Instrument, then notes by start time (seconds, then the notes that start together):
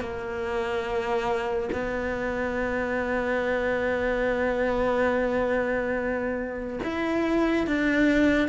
cello
0.00 A#3
1.72 B3
6.83 E4
7.66 D4